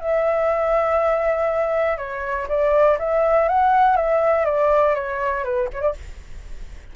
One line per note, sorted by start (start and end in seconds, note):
0.00 1.97 E5
1.97 2.47 C#5
2.48 2.98 D5
2.99 3.48 E5
3.48 3.96 F#5
3.96 4.45 E5
4.45 4.94 D5
4.94 5.43 C#5
5.43 5.68 B4
5.73 5.81 C#5
5.81 5.93 D5